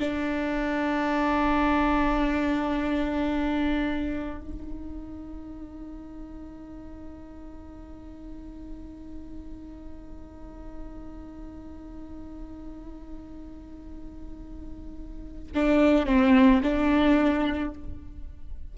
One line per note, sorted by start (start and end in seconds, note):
0.00 4.41 D4
4.41 15.52 D#4
15.55 16.06 D4
16.06 16.62 C4
16.63 17.74 D4